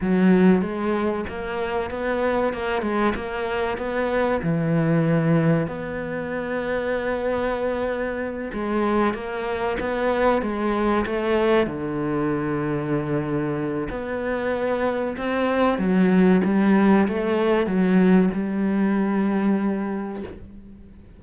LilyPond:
\new Staff \with { instrumentName = "cello" } { \time 4/4 \tempo 4 = 95 fis4 gis4 ais4 b4 | ais8 gis8 ais4 b4 e4~ | e4 b2.~ | b4. gis4 ais4 b8~ |
b8 gis4 a4 d4.~ | d2 b2 | c'4 fis4 g4 a4 | fis4 g2. | }